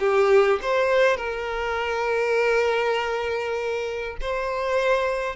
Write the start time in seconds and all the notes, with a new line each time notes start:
0.00 G4
0.62 C5
1.17 A#4
4.21 C5